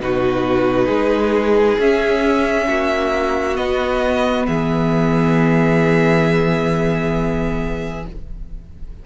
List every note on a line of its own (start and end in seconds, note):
0.00 0.89 B2
0.00 1.80 D#4
0.00 0.87 F#4
0.00 1.80 B4
0.87 1.78 G#3
0.87 2.66 G#4
1.79 2.68 C#4
1.79 3.55 C#4
1.79 3.57 E5
2.68 3.58 A#3
2.68 4.47 F#4
3.55 8.03 B3
3.55 4.48 B3
3.55 4.46 D#5
4.47 8.06 E3
4.47 8.06 G#4
4.47 8.05 E5